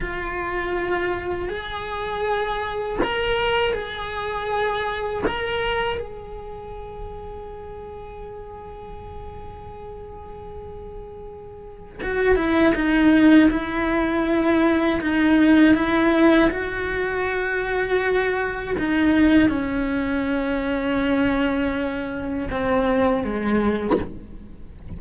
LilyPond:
\new Staff \with { instrumentName = "cello" } { \time 4/4 \tempo 4 = 80 f'2 gis'2 | ais'4 gis'2 ais'4 | gis'1~ | gis'1 |
fis'8 e'8 dis'4 e'2 | dis'4 e'4 fis'2~ | fis'4 dis'4 cis'2~ | cis'2 c'4 gis4 | }